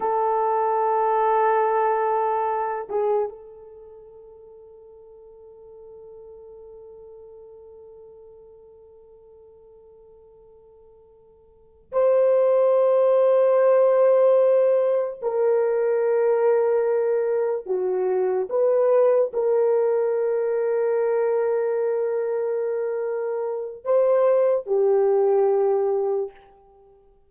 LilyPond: \new Staff \with { instrumentName = "horn" } { \time 4/4 \tempo 4 = 73 a'2.~ a'8 gis'8 | a'1~ | a'1~ | a'2~ a'8 c''4.~ |
c''2~ c''8 ais'4.~ | ais'4. fis'4 b'4 ais'8~ | ais'1~ | ais'4 c''4 g'2 | }